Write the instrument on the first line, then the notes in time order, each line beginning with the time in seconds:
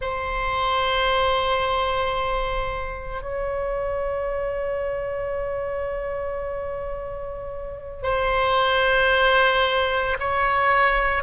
oboe
0.01 C5
3.21 C#5
8.03 C5
10.19 C#5